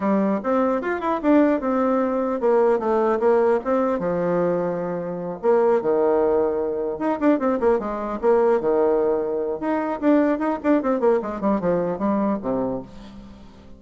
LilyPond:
\new Staff \with { instrumentName = "bassoon" } { \time 4/4 \tempo 4 = 150 g4 c'4 f'8 e'8 d'4 | c'2 ais4 a4 | ais4 c'4 f2~ | f4. ais4 dis4.~ |
dis4. dis'8 d'8 c'8 ais8 gis8~ | gis8 ais4 dis2~ dis8 | dis'4 d'4 dis'8 d'8 c'8 ais8 | gis8 g8 f4 g4 c4 | }